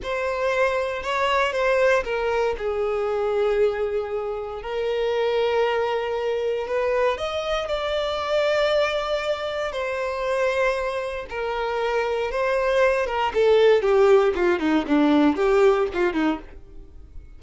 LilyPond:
\new Staff \with { instrumentName = "violin" } { \time 4/4 \tempo 4 = 117 c''2 cis''4 c''4 | ais'4 gis'2.~ | gis'4 ais'2.~ | ais'4 b'4 dis''4 d''4~ |
d''2. c''4~ | c''2 ais'2 | c''4. ais'8 a'4 g'4 | f'8 dis'8 d'4 g'4 f'8 dis'8 | }